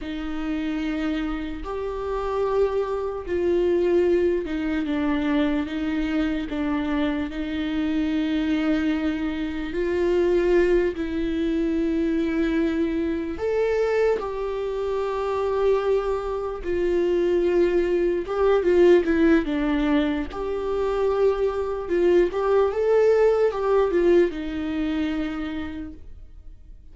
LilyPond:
\new Staff \with { instrumentName = "viola" } { \time 4/4 \tempo 4 = 74 dis'2 g'2 | f'4. dis'8 d'4 dis'4 | d'4 dis'2. | f'4. e'2~ e'8~ |
e'8 a'4 g'2~ g'8~ | g'8 f'2 g'8 f'8 e'8 | d'4 g'2 f'8 g'8 | a'4 g'8 f'8 dis'2 | }